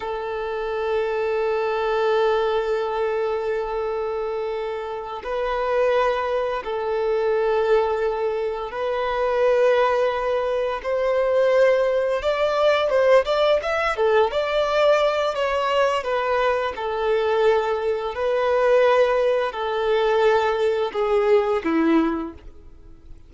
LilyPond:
\new Staff \with { instrumentName = "violin" } { \time 4/4 \tempo 4 = 86 a'1~ | a'2.~ a'8 b'8~ | b'4. a'2~ a'8~ | a'8 b'2. c''8~ |
c''4. d''4 c''8 d''8 e''8 | a'8 d''4. cis''4 b'4 | a'2 b'2 | a'2 gis'4 e'4 | }